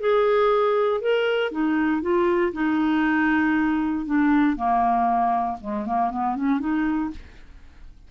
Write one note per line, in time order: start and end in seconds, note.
0.00 1.01 G#4
1.01 1.51 A#4
1.51 2.02 D#4
2.02 2.53 F4
2.53 4.05 D#4
4.05 4.56 D4
4.56 5.58 A#3
5.60 5.85 G#3
5.85 6.10 A#3
6.10 6.36 B3
6.36 6.60 C#4
6.60 7.10 D#4